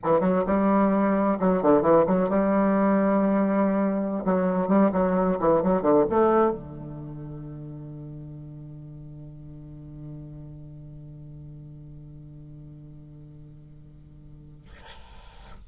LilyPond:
\new Staff \with { instrumentName = "bassoon" } { \time 4/4 \tempo 4 = 131 e8 fis8 g2 fis8 d8 | e8 fis8 g2.~ | g4~ g16 fis4 g8 fis4 e16~ | e16 fis8 d8 a4 d4.~ d16~ |
d1~ | d1~ | d1~ | d1 | }